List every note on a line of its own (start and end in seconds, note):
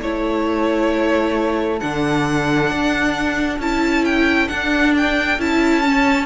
0.00 1.81 A3
0.00 1.81 E4
0.00 6.26 A4
0.00 1.80 C#5
1.80 2.71 D3
1.80 3.60 D4
1.80 3.59 F#5
2.71 3.59 D4
3.59 4.49 C#4
3.59 4.49 E4
3.59 4.05 A5
4.05 4.49 G5
4.49 5.39 D4
4.49 5.38 D4
4.49 4.93 F#5
4.97 5.41 G5
5.38 6.26 C#4
5.38 5.84 E4
5.38 6.26 A5
5.84 6.26 C#4